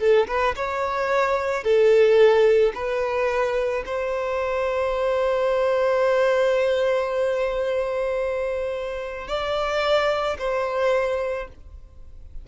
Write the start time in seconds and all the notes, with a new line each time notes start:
0.00 A4
0.28 B4
0.56 C#5
1.64 A4
2.75 B4
3.86 C5
9.28 D5
10.39 C5